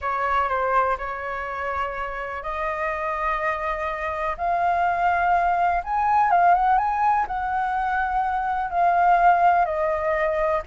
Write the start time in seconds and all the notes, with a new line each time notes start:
0.01 C#5
0.48 C5
0.98 C#5
2.42 D#5
4.37 F5
5.84 G#5
6.31 F5
6.54 F#5
6.77 G#5
7.27 F#5
8.70 F5
9.65 D#5